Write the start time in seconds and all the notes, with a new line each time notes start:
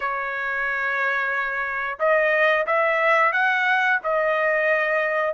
0.00 C#5
1.99 D#5
2.66 E5
3.32 F#5
4.03 D#5